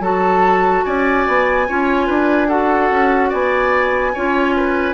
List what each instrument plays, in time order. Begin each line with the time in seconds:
0.00 bassoon F#3, clarinet F#4, oboe A4, flute A5
0.84 bassoon C#4, oboe D5, flute G#5
1.27 bassoon B3
1.68 bassoon C#4, clarinet F4, oboe C#5
2.07 bassoon D4, oboe B4
2.48 clarinet F#4, oboe A4, flute F#5
2.91 bassoon C#4
3.29 bassoon B3, oboe D5, flute G#5
4.14 bassoon C#4, clarinet F4, oboe C#5
4.56 oboe B4